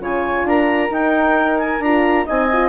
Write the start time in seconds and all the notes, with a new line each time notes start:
0.00 C#3 F4 C#5 G#5
0.44 D4 A#4 A#5
0.90 D#4 G5
1.59 G#5
1.80 D4 F4 A#5
2.26 C4 D#4 D#5 G#5
2.53 F4